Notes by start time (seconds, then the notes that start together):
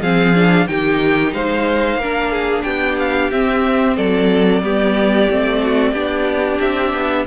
0.00 F3 C4 G#4 F5
0.35 D4
0.67 D#3 D#4 G4 G5
1.33 G#3 C5 F5
1.96 A#3 A#4
2.03 D4
2.32 G#4
2.63 B3 G4 G5
2.99 F5
3.31 C4 E5
3.97 F#3 A4 D5
4.62 G3 B3 G4
5.30 A3 C4
5.63 F#4
5.92 B3 D4 G4
6.60 C4 E5
6.94 B3